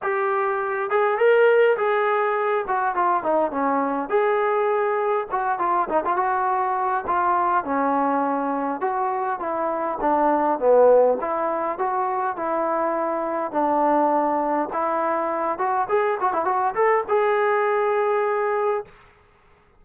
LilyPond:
\new Staff \with { instrumentName = "trombone" } { \time 4/4 \tempo 4 = 102 g'4. gis'8 ais'4 gis'4~ | gis'8 fis'8 f'8 dis'8 cis'4 gis'4~ | gis'4 fis'8 f'8 dis'16 f'16 fis'4. | f'4 cis'2 fis'4 |
e'4 d'4 b4 e'4 | fis'4 e'2 d'4~ | d'4 e'4. fis'8 gis'8 fis'16 e'16 | fis'8 a'8 gis'2. | }